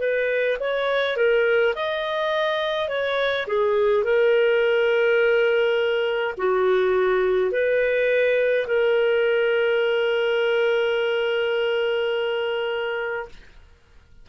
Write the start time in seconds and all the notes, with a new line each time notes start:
0.00 B4
0.60 C#5
1.17 A#4
1.75 D#5
2.89 C#5
3.47 G#4
4.04 A#4
6.38 F#4
7.52 B4
8.67 A#4